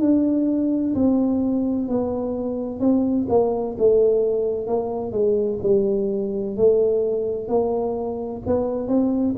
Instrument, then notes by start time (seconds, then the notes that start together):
tuba
0.00 D4
0.94 C4
1.88 B3
2.80 C4
3.29 A#3
3.78 A3
4.67 A#3
5.12 G#3
5.62 G3
6.56 A3
7.48 A#3
8.46 B3
8.88 C4